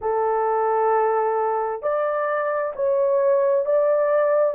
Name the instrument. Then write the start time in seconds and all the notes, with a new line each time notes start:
horn
0.01 A4
1.82 D5
2.75 C#5
3.65 D5